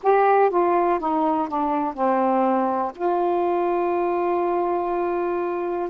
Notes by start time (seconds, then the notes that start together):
0.02 G4
0.50 F4
0.99 D#4
1.48 D4
1.94 C4
2.95 F4